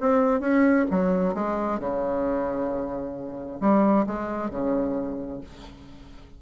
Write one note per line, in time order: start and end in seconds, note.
0.00 0.40 C4
0.40 0.85 C#4
0.90 1.34 F#3
1.34 1.79 G#3
1.79 3.59 C#3
3.60 4.05 G3
4.07 4.50 G#3
4.50 5.40 C#3